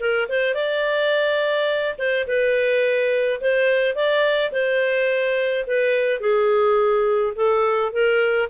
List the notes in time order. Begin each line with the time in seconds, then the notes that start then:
0.00 A#4
0.29 C5
0.55 D5
1.99 C5
2.27 B4
3.41 C5
3.95 D5
4.52 C5
5.67 B4
6.21 G#4
7.36 A4
7.92 A#4